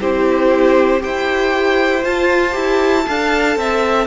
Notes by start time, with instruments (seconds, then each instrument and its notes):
0.00 cello C4, viola E4, violin G4 C5
1.00 cello E4, viola G4, violin C5 G5
2.03 viola F4, cello F4, violin A5
2.52 cello E4, viola G4
3.07 cello D4, viola A4, violin F5
3.56 cello C4, violin E5